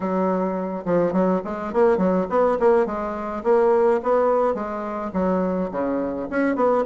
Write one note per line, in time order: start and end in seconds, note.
0.00 0.84 F#3
0.85 1.12 F3
1.12 1.41 F#3
1.44 1.73 G#3
1.73 1.97 A#3
1.97 2.26 F#3
2.29 2.58 B3
2.59 2.86 A#3
2.86 3.43 G#3
3.43 4.00 A#3
4.02 4.54 B3
4.54 5.11 G#3
5.13 5.70 F#3
5.71 6.28 C#3
6.30 6.55 C#4
6.55 6.84 B3